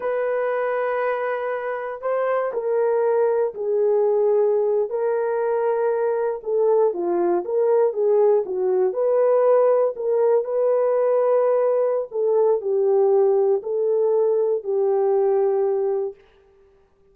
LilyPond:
\new Staff \with { instrumentName = "horn" } { \time 4/4 \tempo 4 = 119 b'1 | c''4 ais'2 gis'4~ | gis'4.~ gis'16 ais'2~ ais'16~ | ais'8. a'4 f'4 ais'4 gis'16~ |
gis'8. fis'4 b'2 ais'16~ | ais'8. b'2.~ b'16 | a'4 g'2 a'4~ | a'4 g'2. | }